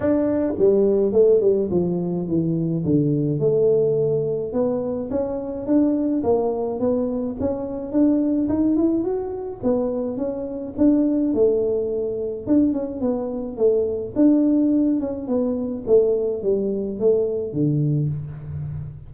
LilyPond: \new Staff \with { instrumentName = "tuba" } { \time 4/4 \tempo 4 = 106 d'4 g4 a8 g8 f4 | e4 d4 a2 | b4 cis'4 d'4 ais4 | b4 cis'4 d'4 dis'8 e'8 |
fis'4 b4 cis'4 d'4 | a2 d'8 cis'8 b4 | a4 d'4. cis'8 b4 | a4 g4 a4 d4 | }